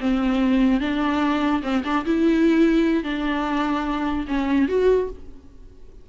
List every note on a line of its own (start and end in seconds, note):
0.00 0.81 C4
0.81 1.62 D4
1.63 1.83 C4
1.84 2.05 D4
2.05 3.04 E4
3.04 4.26 D4
4.28 4.68 C#4
4.68 5.09 F#4